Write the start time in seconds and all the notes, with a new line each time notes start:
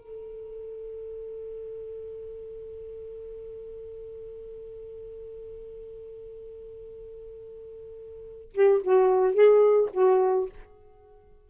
0.00 A4
8.54 G4
8.84 F#4
9.35 G#4
9.93 F#4